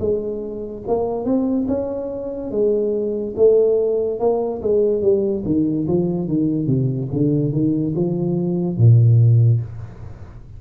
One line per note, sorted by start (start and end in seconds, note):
0.00 0.83 G#3
0.88 1.25 A#3
1.25 1.67 C4
1.68 2.52 C#4
2.52 3.35 G#3
3.37 4.20 A3
4.20 4.61 A#3
4.62 5.02 G#3
5.02 5.44 G3
5.46 5.87 D#3
5.88 6.28 F3
6.28 6.67 D#3
6.67 7.09 C3
7.13 7.53 D3
7.53 7.94 D#3
7.96 8.78 F3
8.78 9.61 A#2